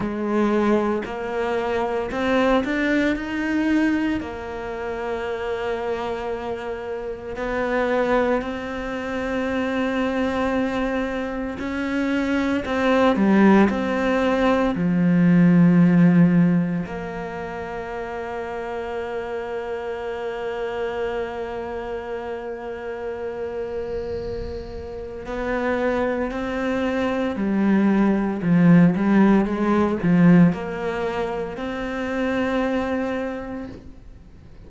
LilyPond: \new Staff \with { instrumentName = "cello" } { \time 4/4 \tempo 4 = 57 gis4 ais4 c'8 d'8 dis'4 | ais2. b4 | c'2. cis'4 | c'8 g8 c'4 f2 |
ais1~ | ais1 | b4 c'4 g4 f8 g8 | gis8 f8 ais4 c'2 | }